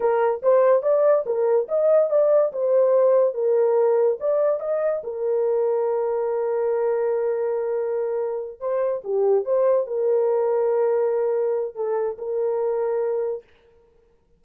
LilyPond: \new Staff \with { instrumentName = "horn" } { \time 4/4 \tempo 4 = 143 ais'4 c''4 d''4 ais'4 | dis''4 d''4 c''2 | ais'2 d''4 dis''4 | ais'1~ |
ais'1~ | ais'8 c''4 g'4 c''4 ais'8~ | ais'1 | a'4 ais'2. | }